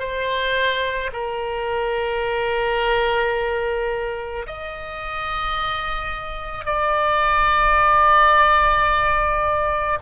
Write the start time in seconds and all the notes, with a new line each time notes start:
0.00 C5
1.13 A#4
4.47 D#5
6.66 D5